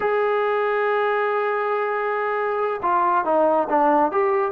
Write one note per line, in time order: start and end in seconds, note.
0.00 2.81 G#4
2.82 3.24 F4
3.24 3.67 D#4
3.69 4.11 D4
4.11 4.51 G4